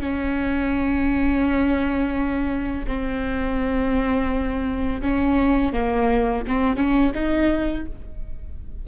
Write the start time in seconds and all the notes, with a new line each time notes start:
0.00 C#4
2.87 C4
5.02 C#4
5.73 A#3
6.47 C4
6.76 C#4
7.14 D#4